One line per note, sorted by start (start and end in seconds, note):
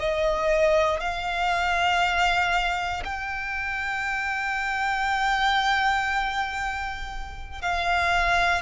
0.00 1.00 D#5
1.00 3.04 F5
3.05 7.62 G5
7.62 8.62 F5